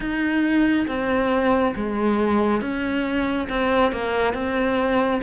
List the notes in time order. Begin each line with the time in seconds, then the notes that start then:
0.00 D#4
0.87 C4
1.76 G#3
2.61 C#4
3.49 C4
3.92 A#3
4.33 C4